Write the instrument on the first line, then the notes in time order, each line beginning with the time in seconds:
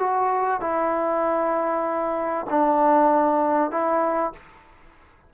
trombone
0.00 F#4
0.61 E4
2.50 D4
3.71 E4